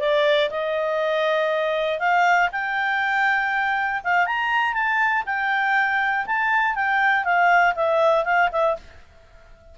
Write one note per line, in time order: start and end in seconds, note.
0.00 0.50 D5
0.50 2.00 D#5
2.00 2.50 F5
2.52 4.02 G5
4.04 4.26 F5
4.26 4.73 A#5
4.73 5.23 A5
5.26 6.26 G5
6.26 6.75 A5
6.75 7.24 G5
7.24 7.74 F5
7.75 8.25 E5
8.25 8.50 F5
8.52 8.77 E5